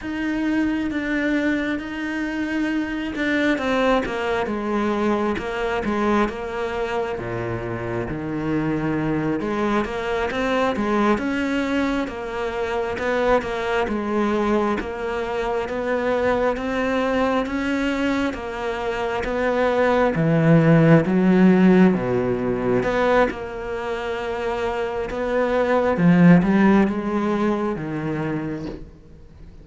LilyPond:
\new Staff \with { instrumentName = "cello" } { \time 4/4 \tempo 4 = 67 dis'4 d'4 dis'4. d'8 | c'8 ais8 gis4 ais8 gis8 ais4 | ais,4 dis4. gis8 ais8 c'8 | gis8 cis'4 ais4 b8 ais8 gis8~ |
gis8 ais4 b4 c'4 cis'8~ | cis'8 ais4 b4 e4 fis8~ | fis8 b,4 b8 ais2 | b4 f8 g8 gis4 dis4 | }